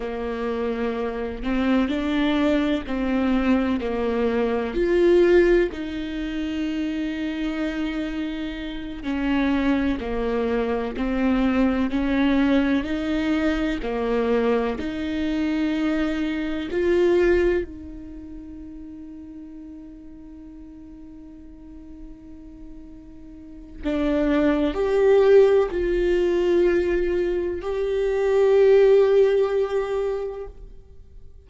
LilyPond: \new Staff \with { instrumentName = "viola" } { \time 4/4 \tempo 4 = 63 ais4. c'8 d'4 c'4 | ais4 f'4 dis'2~ | dis'4. cis'4 ais4 c'8~ | c'8 cis'4 dis'4 ais4 dis'8~ |
dis'4. f'4 dis'4.~ | dis'1~ | dis'4 d'4 g'4 f'4~ | f'4 g'2. | }